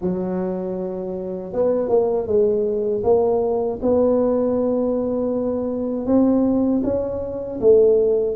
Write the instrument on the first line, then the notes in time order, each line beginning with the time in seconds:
tuba
0.01 F#3
1.52 B3
1.88 A#3
2.26 G#3
3.03 A#3
3.81 B3
6.06 C4
6.84 C#4
7.60 A3